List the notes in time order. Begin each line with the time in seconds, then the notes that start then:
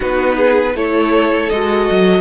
0.00 B3 D#4 F#4 B4
0.35 G#4
0.75 A3 E4 A4 C#5
1.49 G#3 F#4 D#5
1.90 F#3